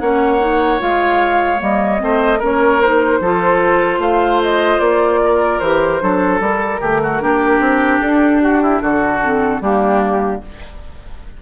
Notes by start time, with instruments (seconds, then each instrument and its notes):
0.00 bassoon A#3, clarinet C#4, oboe C#5, flute F#5
0.40 clarinet D#4
0.79 bassoon G#3, clarinet F4, flute F5
1.58 bassoon G3, clarinet A#3, flute D#5
1.98 bassoon A3, clarinet C4, oboe C5
2.39 bassoon A#3, clarinet C#4, oboe A#4, flute C#5
2.82 clarinet D#4, flute C5
3.20 bassoon F3, clarinet F4, oboe A4
3.98 bassoon A3, oboe C5, flute F5
4.43 flute D#5
4.80 bassoon A#3, flute D5
5.25 oboe A#4
5.59 bassoon E3, clarinet G4, flute C5
6.01 bassoon F#3, clarinet D4, oboe A4
6.40 bassoon G3, clarinet G3, flute A#4
6.80 clarinet D3, bassoon A3, oboe G4
7.03 oboe F#4
7.20 bassoon A#3, clarinet D4, oboe G4
7.59 bassoon C4
8.00 bassoon D4, flute A4
8.41 oboe F#4, flute G4
8.63 oboe E4
8.81 bassoon D3, oboe F#4, flute A4
9.23 clarinet C4
9.61 bassoon G3, clarinet A#3, oboe D4, flute G4